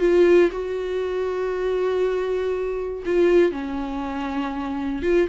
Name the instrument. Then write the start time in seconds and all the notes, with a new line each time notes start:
viola
0.00 F4
0.51 F#4
3.06 F4
3.52 C#4
5.02 F4